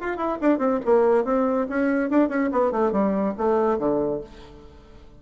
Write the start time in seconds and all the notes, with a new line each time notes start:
0.00 F4
0.17 E4
0.41 D4
0.58 C4
0.85 A#3
1.24 C4
1.69 C#4
2.10 D4
2.29 C#4
2.52 B3
2.71 A3
2.92 G3
3.37 A3
3.78 D3